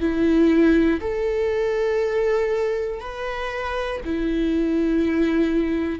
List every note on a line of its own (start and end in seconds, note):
0.00 1.00 E4
1.00 3.00 A4
3.00 4.00 B4
4.05 6.00 E4